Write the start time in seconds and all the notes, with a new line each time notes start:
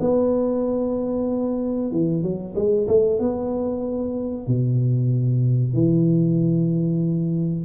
0.00 B3
1.91 E3
2.23 F#3
2.55 G#3
2.88 A3
3.19 B3
4.47 B2
5.74 E3